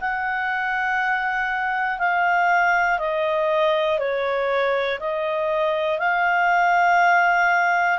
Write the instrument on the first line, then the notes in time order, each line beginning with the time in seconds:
clarinet
0.00 F#5
1.99 F5
2.98 D#5
3.99 C#5
4.99 D#5
5.98 F5